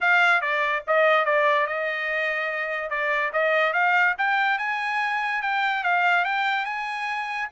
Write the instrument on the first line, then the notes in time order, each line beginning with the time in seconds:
trumpet
0.00 F5
0.41 D5
0.87 D#5
1.25 D5
1.66 D#5
2.90 D5
3.33 D#5
3.73 F5
4.17 G5
4.58 G#5
5.41 G5
5.83 F5
6.24 G5
6.65 G#5